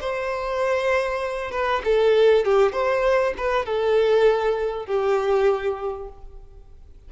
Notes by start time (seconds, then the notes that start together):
0.00 C5
1.51 B4
1.84 A4
2.44 G4
2.72 C5
3.37 B4
3.65 A4
4.86 G4